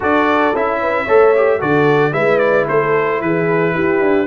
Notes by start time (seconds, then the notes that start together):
0.00 D4 F#4 A4 D5
0.53 C#4 E4 E5
0.80 B4
1.04 A3 A4 C#5
1.35 G4
1.59 D3 F#4 A4 D5
2.12 G#3 E4 B4 E5
2.38 D5
2.67 A3 A4 C5
3.21 E3 G#4 B4
3.74 E4 G4
4.01 D4